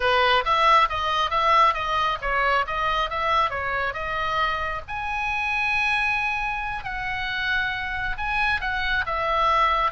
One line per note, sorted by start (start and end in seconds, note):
0.00 0.44 B4
0.44 0.88 E5
0.89 1.30 D#5
1.30 1.73 E5
1.73 2.18 D#5
2.21 2.65 C#5
2.66 3.09 D#5
3.09 3.50 E5
3.50 3.93 C#5
3.93 4.81 D#5
4.87 6.84 G#5
6.84 8.16 F#5
8.17 8.60 G#5
8.60 9.04 F#5
9.06 9.91 E5